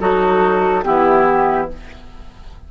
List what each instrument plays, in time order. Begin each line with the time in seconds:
0.00 bassoon F#3, oboe D#4, clarinet F#4, flute A4
0.84 bassoon E3, clarinet B3, oboe E4, flute G4